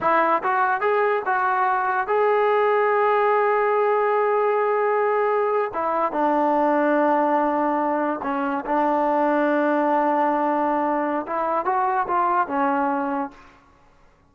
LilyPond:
\new Staff \with { instrumentName = "trombone" } { \time 4/4 \tempo 4 = 144 e'4 fis'4 gis'4 fis'4~ | fis'4 gis'2.~ | gis'1~ | gis'4.~ gis'16 e'4 d'4~ d'16~ |
d'2.~ d'8. cis'16~ | cis'8. d'2.~ d'16~ | d'2. e'4 | fis'4 f'4 cis'2 | }